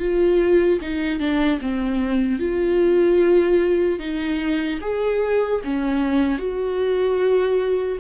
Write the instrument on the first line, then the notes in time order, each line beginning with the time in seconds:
viola
0.00 F4
0.82 D#4
1.20 D4
1.62 C4
2.39 F4
3.99 D#4
4.81 G#4
5.64 C#4
6.39 F#4